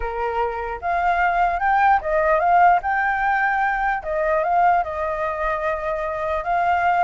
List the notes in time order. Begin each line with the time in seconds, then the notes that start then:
0.00 A#4
0.81 F5
1.59 G5
2.01 D#5
2.39 F5
2.82 G5
4.03 D#5
4.43 F5
4.83 D#5
6.44 F5